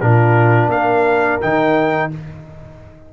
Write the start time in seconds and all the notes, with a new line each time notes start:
0.00 A#2 D4 F4 A#4
0.68 A#3 A#4 F5
1.41 D#3 D#4 G5